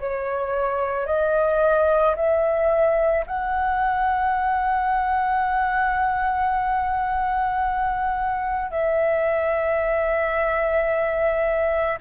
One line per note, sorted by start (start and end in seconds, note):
0.00 1.07 C#5
1.07 2.16 D#5
2.16 3.25 E5
3.27 8.71 F#5
8.71 11.99 E5